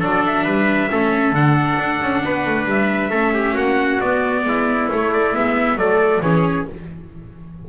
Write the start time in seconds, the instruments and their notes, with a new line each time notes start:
0.00 double bass F#3, viola D4, trumpet A4 D5
0.26 trumpet E5
0.44 double bass G3, trumpet B4
0.90 double bass A3, viola C#4, trumpet A4
1.32 double bass D3, viola D4, trumpet F#5
1.79 double bass D4
2.01 double bass C#4
2.25 double bass B3, trumpet B4
2.46 double bass A3
2.65 double bass G3, trumpet E5
3.10 double bass A3, viola C#4, trumpet A4
3.34 trumpet G4
3.54 double bass A#3, trumpet F#4 F#5
4.00 double bass B3, viola B3, trumpet D5
4.45 double bass G#3, trumpet E4
4.91 viola A3, double bass A3, trumpet C#5
5.13 trumpet D5
5.33 double bass G#3, viola B3, trumpet E5
5.76 double bass F#3, viola A3, trumpet A4 D5
6.21 double bass E3, viola C#4, trumpet G#4 C#5